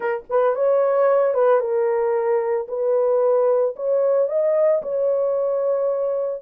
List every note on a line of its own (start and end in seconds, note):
0.00 0.24 A#4
0.29 0.55 B4
0.55 1.33 C#5
1.33 1.59 B4
1.59 2.67 A#4
2.68 3.75 B4
3.75 4.28 C#5
4.28 4.81 D#5
4.82 6.42 C#5